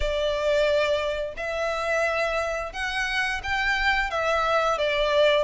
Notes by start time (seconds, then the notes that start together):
0.00 D5
1.36 E5
2.72 F#5
3.43 G5
4.10 E5
4.77 D5